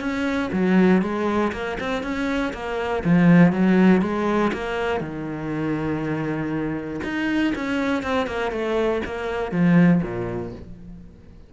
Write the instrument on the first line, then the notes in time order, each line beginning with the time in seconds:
cello
0.00 C#4
0.53 F#3
1.02 G#3
1.52 A#3
1.80 C4
2.03 C#4
2.53 A#3
3.04 F3
3.52 F#3
4.02 G#3
4.53 A#3
5.00 D#3
7.04 D#4
7.55 C#4
8.03 C4
8.27 A#3
8.52 A3
9.05 A#3
9.52 F3
10.03 A#2